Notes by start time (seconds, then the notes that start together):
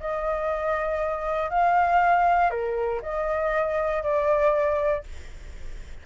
0.00 D#5
1.50 F5
2.50 A#4
3.02 D#5
4.03 D5